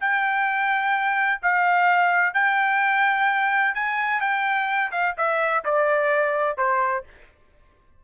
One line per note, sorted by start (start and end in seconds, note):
0.00 1.41 G5
1.42 2.34 F5
2.34 3.74 G5
3.75 4.20 G#5
4.20 4.91 G5
4.91 5.15 F5
5.17 5.64 E5
5.64 6.57 D5
6.57 7.04 C5